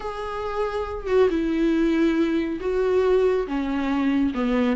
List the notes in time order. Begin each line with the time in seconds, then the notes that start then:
0.00 G#4
1.07 F#4
1.30 E4
2.60 F#4
3.47 C#4
4.34 B3